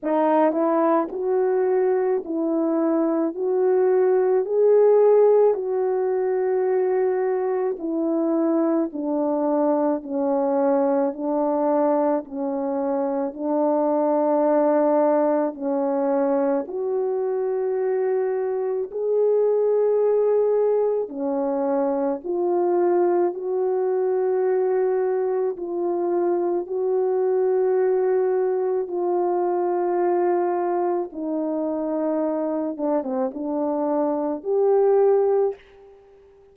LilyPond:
\new Staff \with { instrumentName = "horn" } { \time 4/4 \tempo 4 = 54 dis'8 e'8 fis'4 e'4 fis'4 | gis'4 fis'2 e'4 | d'4 cis'4 d'4 cis'4 | d'2 cis'4 fis'4~ |
fis'4 gis'2 cis'4 | f'4 fis'2 f'4 | fis'2 f'2 | dis'4. d'16 c'16 d'4 g'4 | }